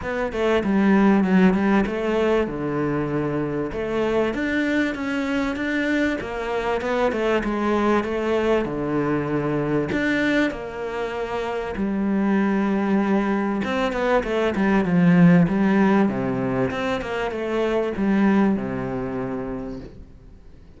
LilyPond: \new Staff \with { instrumentName = "cello" } { \time 4/4 \tempo 4 = 97 b8 a8 g4 fis8 g8 a4 | d2 a4 d'4 | cis'4 d'4 ais4 b8 a8 | gis4 a4 d2 |
d'4 ais2 g4~ | g2 c'8 b8 a8 g8 | f4 g4 c4 c'8 ais8 | a4 g4 c2 | }